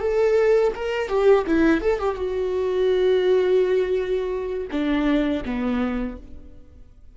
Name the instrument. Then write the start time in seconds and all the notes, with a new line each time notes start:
viola
0.00 A4
0.75 A#4
1.08 G4
1.47 E4
1.81 A4
1.99 G4
2.15 F#4
4.71 D4
5.45 B3